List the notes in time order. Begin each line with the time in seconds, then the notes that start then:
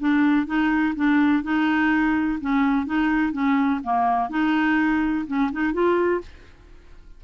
0.00 D4
0.47 D#4
0.96 D4
1.44 D#4
2.41 C#4
2.86 D#4
3.33 C#4
3.84 A#3
4.30 D#4
5.27 C#4
5.52 D#4
5.74 F4